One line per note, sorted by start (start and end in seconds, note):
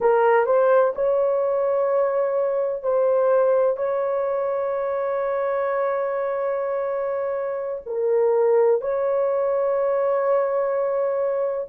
0.00 0.45 A#4
0.45 0.93 C5
0.95 2.82 C#5
2.82 3.77 C5
3.77 7.81 C#5
7.86 8.81 A#4
8.81 11.67 C#5